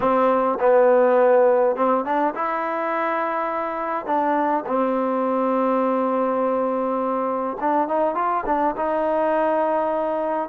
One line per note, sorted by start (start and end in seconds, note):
0.00 0.58 C4
0.60 1.76 B3
1.76 2.04 C4
2.04 2.34 D4
2.34 4.06 E4
4.06 4.64 D4
4.66 7.57 C4
7.60 7.88 D4
7.88 8.14 D#4
8.14 8.44 F4
8.45 8.75 D4
8.76 10.49 D#4